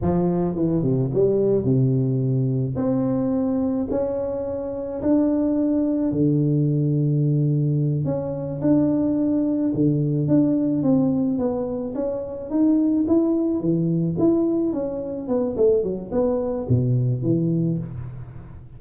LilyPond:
\new Staff \with { instrumentName = "tuba" } { \time 4/4 \tempo 4 = 108 f4 e8 c8 g4 c4~ | c4 c'2 cis'4~ | cis'4 d'2 d4~ | d2~ d8 cis'4 d'8~ |
d'4. d4 d'4 c'8~ | c'8 b4 cis'4 dis'4 e'8~ | e'8 e4 e'4 cis'4 b8 | a8 fis8 b4 b,4 e4 | }